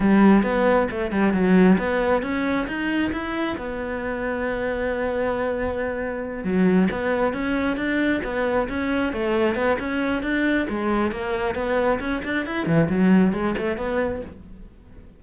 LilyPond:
\new Staff \with { instrumentName = "cello" } { \time 4/4 \tempo 4 = 135 g4 b4 a8 g8 fis4 | b4 cis'4 dis'4 e'4 | b1~ | b2~ b8 fis4 b8~ |
b8 cis'4 d'4 b4 cis'8~ | cis'8 a4 b8 cis'4 d'4 | gis4 ais4 b4 cis'8 d'8 | e'8 e8 fis4 gis8 a8 b4 | }